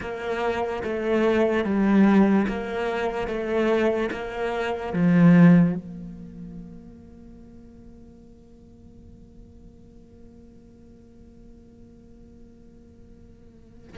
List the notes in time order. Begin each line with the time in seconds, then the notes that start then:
0.00 A#3
0.83 A3
1.64 G3
2.47 A#3
3.27 A3
4.11 A#3
4.93 F3
5.75 A#3